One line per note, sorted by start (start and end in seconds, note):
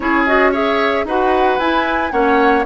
0.00 1.05 C#4
0.00 0.27 E4
0.00 0.51 G#4
0.00 0.25 C#5
0.26 0.53 F#4
0.26 0.53 D#5
0.51 1.06 G#4
0.51 1.04 C#5
0.51 1.06 E5
1.05 1.58 D#4
1.05 1.60 F#4
1.05 2.12 B4
1.05 1.59 F#5
1.58 2.11 E4
1.58 2.11 G#5
2.11 2.65 A#3
2.11 2.64 C#4
2.11 2.65 C#5
2.11 2.64 F#5